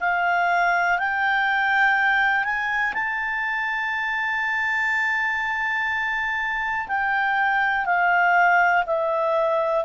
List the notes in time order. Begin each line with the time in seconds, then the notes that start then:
0.00 F5
0.98 G5
2.44 G#5
2.94 A5
6.87 G5
7.85 F5
8.86 E5